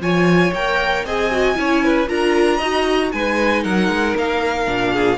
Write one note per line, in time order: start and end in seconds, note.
0.00 0.52 F3
0.00 0.53 F4
0.00 1.05 C#5
0.00 0.53 G#5
0.52 1.04 A#3
0.52 1.06 A#4
0.52 1.05 G5
1.04 1.56 C4
1.04 1.31 G#4
1.04 1.57 D#5
1.04 2.09 G#5
1.31 1.55 F#4
1.55 2.08 C#4
1.55 2.06 E4
1.55 1.84 C#5
1.84 2.09 B4
2.08 2.60 D4
2.08 2.59 F4
2.08 2.57 A#4
2.08 3.12 A#5
2.57 3.12 D#4
2.57 3.13 F#4
2.57 3.09 D#5
3.12 3.64 G#3
3.12 4.66 D#4
3.12 3.63 B4
3.12 3.63 G#5
3.63 3.88 F#3
3.63 4.92 A#4
3.63 4.15 F#5
3.88 4.14 G#3
4.16 4.67 A#3
4.16 5.17 F5
4.66 5.17 A#2
4.66 5.17 D4
4.92 5.17 G#4